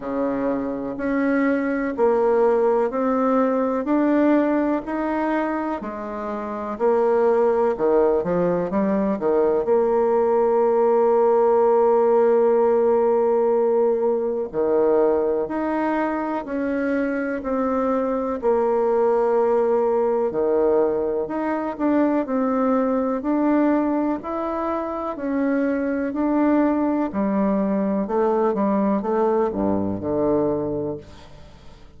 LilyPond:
\new Staff \with { instrumentName = "bassoon" } { \time 4/4 \tempo 4 = 62 cis4 cis'4 ais4 c'4 | d'4 dis'4 gis4 ais4 | dis8 f8 g8 dis8 ais2~ | ais2. dis4 |
dis'4 cis'4 c'4 ais4~ | ais4 dis4 dis'8 d'8 c'4 | d'4 e'4 cis'4 d'4 | g4 a8 g8 a8 g,8 d4 | }